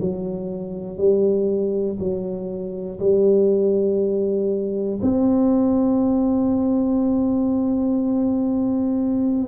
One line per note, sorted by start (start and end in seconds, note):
0.00 0.97 F#3
0.97 1.97 G3
1.99 2.99 F#3
2.99 4.99 G3
5.01 9.47 C4